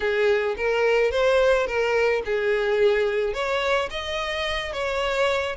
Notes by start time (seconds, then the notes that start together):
0.00 G#4
0.56 A#4
1.11 C5
1.66 A#4
2.25 G#4
3.33 C#5
3.90 D#5
4.72 C#5